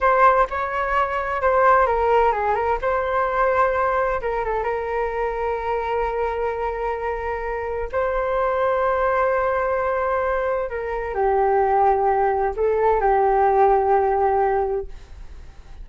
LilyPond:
\new Staff \with { instrumentName = "flute" } { \time 4/4 \tempo 4 = 129 c''4 cis''2 c''4 | ais'4 gis'8 ais'8 c''2~ | c''4 ais'8 a'8 ais'2~ | ais'1~ |
ais'4 c''2.~ | c''2. ais'4 | g'2. a'4 | g'1 | }